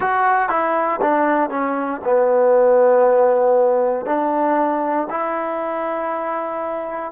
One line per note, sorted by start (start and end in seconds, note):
0.00 0.49 F#4
0.49 1.00 E4
1.01 1.50 D4
1.50 2.01 C#4
2.04 4.05 B3
4.05 5.07 D4
5.10 7.11 E4